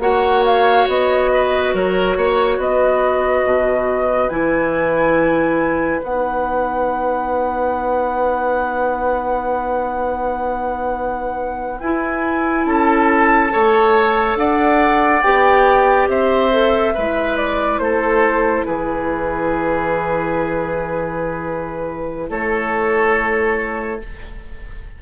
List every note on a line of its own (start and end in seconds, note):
0.00 0.86 A#3
0.00 4.30 F#4
0.00 1.31 C#5
0.00 0.44 F#5
0.46 0.88 F5
0.89 1.74 B3
0.89 1.75 D#5
1.34 1.75 B4
1.74 2.17 F#3
1.74 2.17 A#4
1.74 2.61 C#5
2.17 2.58 A#3
2.17 2.58 C#5
2.58 3.44 B3
2.58 12.65 B4
2.58 4.29 D#5
3.45 4.30 B2
4.29 6.02 E3
4.29 6.01 E4
4.29 6.01 G#5
6.01 11.80 B3
6.01 11.80 D#4
6.01 11.81 F#5
11.80 12.66 E4
11.80 13.51 E4
11.80 12.66 G#5
12.66 13.51 C#4
12.66 13.53 A4
12.66 14.37 A5
13.51 14.36 A3
13.51 15.22 A4
13.51 14.39 C#5
14.36 15.22 D4
14.36 16.10 D5
14.36 15.23 F#5
15.23 16.08 B3
15.23 16.52 G4
15.23 16.08 G5
16.08 16.94 C4
16.08 16.95 C5
16.08 17.37 E5
16.52 16.95 A4
16.95 17.79 G#3
16.95 24.02 E4
16.95 17.81 B4
17.37 17.79 D5
17.79 18.65 A3
17.79 18.66 A4
17.79 18.65 C5
18.66 22.30 E3
18.66 22.30 G#4
18.66 22.30 B4
22.30 24.02 A3
22.30 24.01 A4
22.30 24.02 C#5